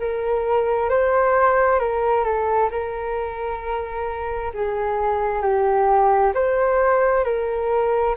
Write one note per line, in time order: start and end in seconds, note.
0.00 0.90 A#4
0.90 1.79 C5
1.79 2.24 A#4
2.24 2.70 A4
2.71 4.52 A#4
4.54 5.42 G#4
5.42 6.33 G4
6.34 7.24 C5
7.24 8.15 A#4